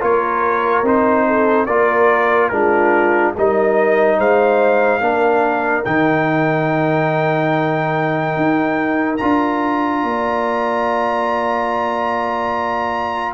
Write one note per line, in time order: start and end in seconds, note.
0.00 0.83 A#3
0.00 0.83 F4
0.00 1.26 A#4
0.00 0.86 C#5
0.83 1.66 C4
0.83 1.67 D#4
0.83 1.65 C5
1.27 1.66 A4
1.65 2.51 A#3
1.65 2.51 F4
1.65 2.50 A#4
1.65 2.48 D5
2.48 3.34 G#3
2.48 3.35 D4
2.48 3.35 F4
2.48 3.32 A#4
3.37 4.18 G3
3.37 5.01 D#4
3.37 4.17 A#4
3.37 4.19 D#5
4.17 5.00 G#3
4.17 5.01 C5
4.17 5.84 F5
5.00 5.84 A#3
5.00 5.84 D4
5.00 10.02 A#4
5.84 8.36 D#3
5.84 9.18 D#4
5.84 9.16 G5
8.36 9.19 D#4
9.16 10.03 D4
9.16 13.34 F4
9.16 13.33 A#5
10.02 13.34 A#3
10.02 13.34 D5